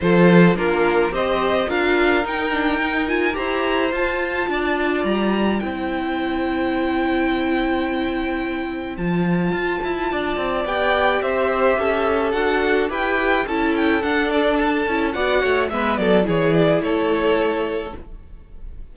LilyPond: <<
  \new Staff \with { instrumentName = "violin" } { \time 4/4 \tempo 4 = 107 c''4 ais'4 dis''4 f''4 | g''4. gis''8 ais''4 a''4~ | a''4 ais''4 g''2~ | g''1 |
a''2. g''4 | e''2 fis''4 g''4 | a''8 g''8 fis''8 d''8 a''4 fis''4 | e''8 d''8 cis''8 d''8 cis''2 | }
  \new Staff \with { instrumentName = "violin" } { \time 4/4 a'4 f'4 c''4 ais'4~ | ais'2 c''2 | d''2 c''2~ | c''1~ |
c''2 d''2 | c''4 a'2 b'4 | a'2. d''8 cis''8 | b'8 a'8 gis'4 a'2 | }
  \new Staff \with { instrumentName = "viola" } { \time 4/4 f'4 d'4 g'4 f'4 | dis'8 d'8 dis'8 f'8 g'4 f'4~ | f'2 e'2~ | e'1 |
f'2. g'4~ | g'2 fis'4 g'4 | e'4 d'4. e'8 fis'4 | b4 e'2. | }
  \new Staff \with { instrumentName = "cello" } { \time 4/4 f4 ais4 c'4 d'4 | dis'2 e'4 f'4 | d'4 g4 c'2~ | c'1 |
f4 f'8 e'8 d'8 c'8 b4 | c'4 cis'4 d'4 e'4 | cis'4 d'4. cis'8 b8 a8 | gis8 fis8 e4 a2 | }
>>